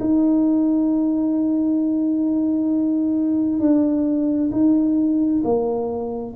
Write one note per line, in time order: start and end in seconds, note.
0.00 3.60 D#4
3.60 4.50 D4
4.51 5.42 D#4
5.44 6.35 A#3